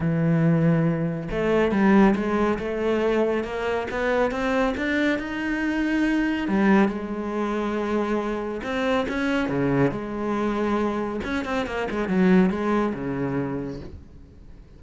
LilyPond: \new Staff \with { instrumentName = "cello" } { \time 4/4 \tempo 4 = 139 e2. a4 | g4 gis4 a2 | ais4 b4 c'4 d'4 | dis'2. g4 |
gis1 | c'4 cis'4 cis4 gis4~ | gis2 cis'8 c'8 ais8 gis8 | fis4 gis4 cis2 | }